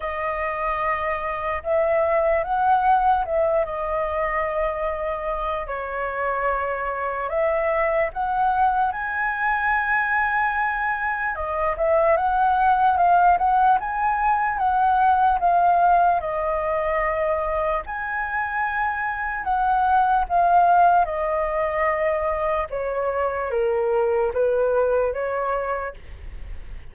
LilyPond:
\new Staff \with { instrumentName = "flute" } { \time 4/4 \tempo 4 = 74 dis''2 e''4 fis''4 | e''8 dis''2~ dis''8 cis''4~ | cis''4 e''4 fis''4 gis''4~ | gis''2 dis''8 e''8 fis''4 |
f''8 fis''8 gis''4 fis''4 f''4 | dis''2 gis''2 | fis''4 f''4 dis''2 | cis''4 ais'4 b'4 cis''4 | }